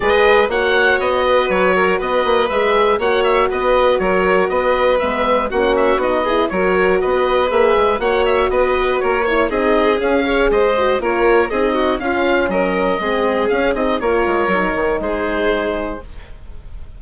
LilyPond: <<
  \new Staff \with { instrumentName = "oboe" } { \time 4/4 \tempo 4 = 120 dis''4 fis''4 dis''4 cis''4 | dis''4 e''4 fis''8 e''8 dis''4 | cis''4 dis''4 e''4 fis''8 e''8 | dis''4 cis''4 dis''4 e''4 |
fis''8 e''8 dis''4 cis''4 dis''4 | f''4 dis''4 cis''4 dis''4 | f''4 dis''2 f''8 dis''8 | cis''2 c''2 | }
  \new Staff \with { instrumentName = "violin" } { \time 4/4 b'4 cis''4. b'4 ais'8 | b'2 cis''4 b'4 | ais'4 b'2 fis'4~ | fis'8 gis'8 ais'4 b'2 |
cis''4 b'4 ais'8 cis''8 gis'4~ | gis'8 cis''8 c''4 ais'4 gis'8 fis'8 | f'4 ais'4 gis'2 | ais'2 gis'2 | }
  \new Staff \with { instrumentName = "horn" } { \time 4/4 gis'4 fis'2.~ | fis'4 gis'4 fis'2~ | fis'2 b4 cis'4 | dis'8 e'8 fis'2 gis'4 |
fis'2~ fis'8 e'8 dis'4 | cis'8 gis'4 fis'8 f'4 dis'4 | cis'2 c'4 cis'8 dis'8 | f'4 dis'2. | }
  \new Staff \with { instrumentName = "bassoon" } { \time 4/4 gis4 ais4 b4 fis4 | b8 ais8 gis4 ais4 b4 | fis4 b4 gis4 ais4 | b4 fis4 b4 ais8 gis8 |
ais4 b4 ais4 c'4 | cis'4 gis4 ais4 c'4 | cis'4 fis4 gis4 cis'8 c'8 | ais8 gis8 fis8 dis8 gis2 | }
>>